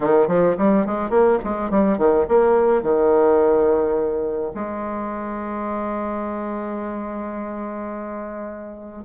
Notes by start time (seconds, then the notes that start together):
0.00 D#3
0.27 F3
0.57 G3
0.85 G#3
1.10 A#3
1.44 G#3
1.70 G3
1.97 D#3
2.28 A#3
2.82 D#3
4.54 G#3